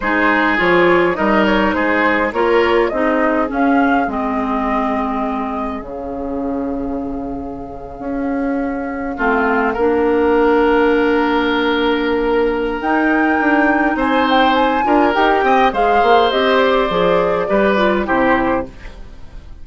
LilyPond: <<
  \new Staff \with { instrumentName = "flute" } { \time 4/4 \tempo 4 = 103 c''4 cis''4 dis''8 cis''8 c''4 | cis''4 dis''4 f''4 dis''4~ | dis''2 f''2~ | f''1~ |
f''1~ | f''2 g''2 | gis''8 g''8 gis''4 g''4 f''4 | dis''8 d''2~ d''8 c''4 | }
  \new Staff \with { instrumentName = "oboe" } { \time 4/4 gis'2 ais'4 gis'4 | ais'4 gis'2.~ | gis'1~ | gis'2.~ gis'8. f'16~ |
f'8. ais'2.~ ais'16~ | ais'1 | c''4. ais'4 dis''8 c''4~ | c''2 b'4 g'4 | }
  \new Staff \with { instrumentName = "clarinet" } { \time 4/4 dis'4 f'4 dis'2 | f'4 dis'4 cis'4 c'4~ | c'2 cis'2~ | cis'2.~ cis'8. c'16~ |
c'8. d'2.~ d'16~ | d'2 dis'2~ | dis'4. f'8 g'4 gis'4 | g'4 gis'4 g'8 f'8 e'4 | }
  \new Staff \with { instrumentName = "bassoon" } { \time 4/4 gis4 f4 g4 gis4 | ais4 c'4 cis'4 gis4~ | gis2 cis2~ | cis4.~ cis16 cis'2 a16~ |
a8. ais2.~ ais16~ | ais2 dis'4 d'4 | c'4. d'8 dis'8 c'8 gis8 ais8 | c'4 f4 g4 c4 | }
>>